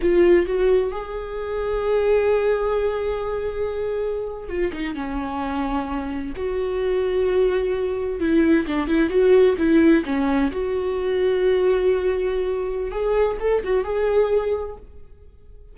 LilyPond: \new Staff \with { instrumentName = "viola" } { \time 4/4 \tempo 4 = 130 f'4 fis'4 gis'2~ | gis'1~ | gis'4.~ gis'16 f'8 dis'8 cis'4~ cis'16~ | cis'4.~ cis'16 fis'2~ fis'16~ |
fis'4.~ fis'16 e'4 d'8 e'8 fis'16~ | fis'8. e'4 cis'4 fis'4~ fis'16~ | fis'1 | gis'4 a'8 fis'8 gis'2 | }